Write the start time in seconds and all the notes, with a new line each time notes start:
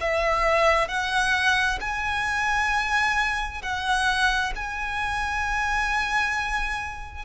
0.00 E5
0.88 F#5
1.80 G#5
3.62 F#5
4.55 G#5